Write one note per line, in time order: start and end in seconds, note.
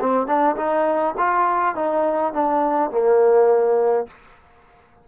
0.00 0.26 C4
0.26 0.56 D4
0.56 1.15 D#4
1.18 1.75 F4
1.75 2.33 D#4
2.33 2.91 D4
2.91 4.07 A#3